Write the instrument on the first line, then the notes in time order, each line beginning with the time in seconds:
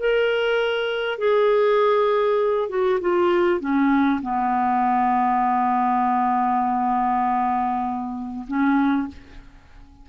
clarinet
0.00 A#4
1.18 G#4
2.69 F#4
3.01 F4
3.60 C#4
4.22 B3
8.48 C#4